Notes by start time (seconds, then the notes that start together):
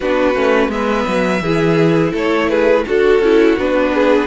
0.00 B3 D4 F#4 B4
0.34 A3 C#4
0.68 G#3 B3 B4 E5
1.07 F#3
1.41 E3 E4 G#4
2.11 A3 A4 C#5
2.49 G#4 B4
2.86 D4 F#4 A4
3.19 C#4 E4
3.58 B3 D4 B4
3.93 G#4